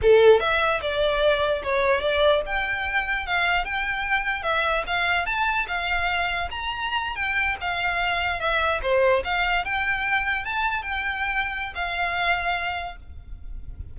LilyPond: \new Staff \with { instrumentName = "violin" } { \time 4/4 \tempo 4 = 148 a'4 e''4 d''2 | cis''4 d''4 g''2 | f''4 g''2 e''4 | f''4 a''4 f''2 |
ais''4.~ ais''16 g''4 f''4~ f''16~ | f''8. e''4 c''4 f''4 g''16~ | g''4.~ g''16 a''4 g''4~ g''16~ | g''4 f''2. | }